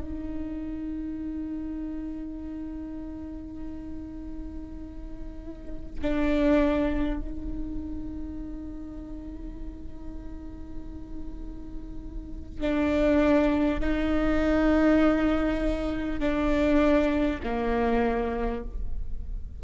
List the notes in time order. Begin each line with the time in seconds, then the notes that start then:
0.00 D#4
6.02 D4
7.21 D#4
12.61 D4
13.81 D#4
16.20 D4
17.44 A#3